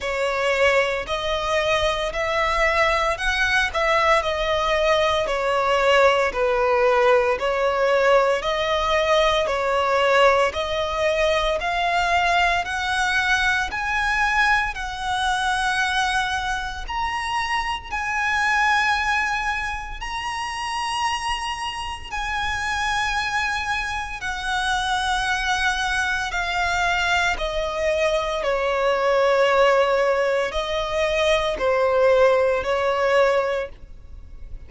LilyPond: \new Staff \with { instrumentName = "violin" } { \time 4/4 \tempo 4 = 57 cis''4 dis''4 e''4 fis''8 e''8 | dis''4 cis''4 b'4 cis''4 | dis''4 cis''4 dis''4 f''4 | fis''4 gis''4 fis''2 |
ais''4 gis''2 ais''4~ | ais''4 gis''2 fis''4~ | fis''4 f''4 dis''4 cis''4~ | cis''4 dis''4 c''4 cis''4 | }